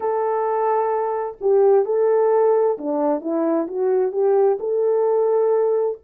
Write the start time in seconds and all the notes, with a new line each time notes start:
0.00 A4
1.41 G4
1.85 A4
2.77 D4
3.21 E4
3.67 F#4
4.12 G4
4.59 A4